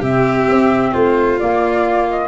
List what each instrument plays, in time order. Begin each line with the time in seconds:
0.00 tuba C3, clarinet C4, violin G4, flute E5
0.49 tuba C4
0.92 tuba A3, violin F4, flute C5
1.39 clarinet A#3, tuba A#3, flute D5
2.10 flute D#5